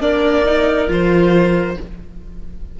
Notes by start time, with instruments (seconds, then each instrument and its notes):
0.00 cello A#3, viola D4, clarinet A#4, violin D5
0.45 viola D#4
0.88 cello F3, viola F4, violin C5